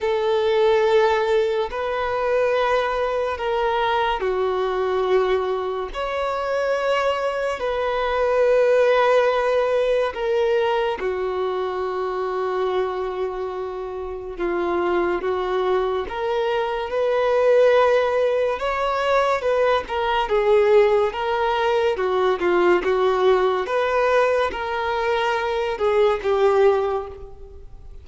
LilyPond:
\new Staff \with { instrumentName = "violin" } { \time 4/4 \tempo 4 = 71 a'2 b'2 | ais'4 fis'2 cis''4~ | cis''4 b'2. | ais'4 fis'2.~ |
fis'4 f'4 fis'4 ais'4 | b'2 cis''4 b'8 ais'8 | gis'4 ais'4 fis'8 f'8 fis'4 | b'4 ais'4. gis'8 g'4 | }